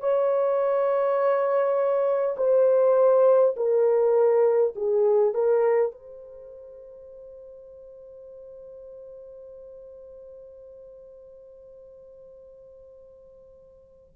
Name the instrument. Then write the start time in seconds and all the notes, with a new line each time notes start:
horn
0.00 C#5
2.37 C5
3.56 A#4
4.75 G#4
5.34 A#4
5.91 C5